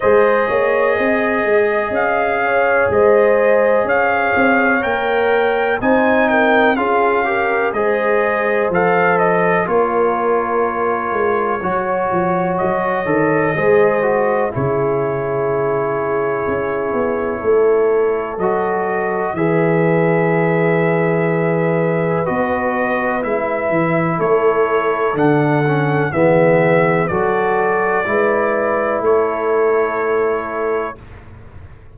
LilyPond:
<<
  \new Staff \with { instrumentName = "trumpet" } { \time 4/4 \tempo 4 = 62 dis''2 f''4 dis''4 | f''4 g''4 gis''8 g''8 f''4 | dis''4 f''8 dis''8 cis''2~ | cis''4 dis''2 cis''4~ |
cis''2. dis''4 | e''2. dis''4 | e''4 cis''4 fis''4 e''4 | d''2 cis''2 | }
  \new Staff \with { instrumentName = "horn" } { \time 4/4 c''8 cis''8 dis''4. cis''8 c''4 | cis''2 c''8 ais'8 gis'8 ais'8 | c''2 ais'2 | cis''2 c''4 gis'4~ |
gis'2 a'2 | b'1~ | b'4 a'2 gis'4 | a'4 b'4 a'2 | }
  \new Staff \with { instrumentName = "trombone" } { \time 4/4 gis'1~ | gis'4 ais'4 dis'4 f'8 g'8 | gis'4 a'4 f'2 | fis'4. a'8 gis'8 fis'8 e'4~ |
e'2. fis'4 | gis'2. fis'4 | e'2 d'8 cis'8 b4 | fis'4 e'2. | }
  \new Staff \with { instrumentName = "tuba" } { \time 4/4 gis8 ais8 c'8 gis8 cis'4 gis4 | cis'8 c'8 ais4 c'4 cis'4 | gis4 f4 ais4. gis8 | fis8 f8 fis8 dis8 gis4 cis4~ |
cis4 cis'8 b8 a4 fis4 | e2. b4 | gis8 e8 a4 d4 e4 | fis4 gis4 a2 | }
>>